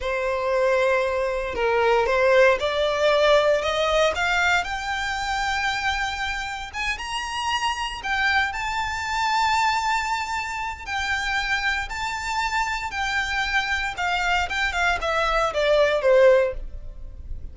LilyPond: \new Staff \with { instrumentName = "violin" } { \time 4/4 \tempo 4 = 116 c''2. ais'4 | c''4 d''2 dis''4 | f''4 g''2.~ | g''4 gis''8 ais''2 g''8~ |
g''8 a''2.~ a''8~ | a''4 g''2 a''4~ | a''4 g''2 f''4 | g''8 f''8 e''4 d''4 c''4 | }